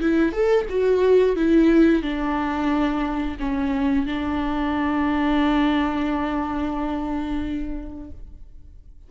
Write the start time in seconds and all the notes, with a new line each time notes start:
0.00 E4
0.32 A4
0.69 F#4
1.35 E4
2.02 D4
3.39 C#4
4.06 D4